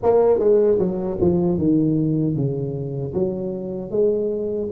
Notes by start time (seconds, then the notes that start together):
0.02 A#3
0.39 G#3
0.79 F#3
1.20 F3
1.58 D#3
2.35 C#3
3.13 F#3
3.90 G#3